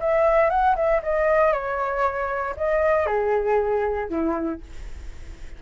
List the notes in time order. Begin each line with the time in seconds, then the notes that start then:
0.00 E5
0.50 F#5
0.76 E5
1.02 D#5
1.52 C#5
2.56 D#5
3.06 G#4
4.09 E4